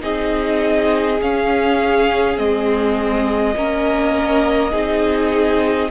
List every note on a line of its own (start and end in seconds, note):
0.00 1.20 C4
0.00 1.18 D#4
0.00 3.55 G#4
0.00 1.20 D#5
1.21 2.38 C#4
1.21 2.37 C#4
1.21 2.38 F5
2.37 3.55 G#3
2.37 3.55 C4
2.37 5.91 D#5
3.56 4.74 A#3
3.56 4.71 C#4
3.56 4.71 A#4
4.71 5.91 C4
4.71 5.88 D#4
4.71 5.89 G#4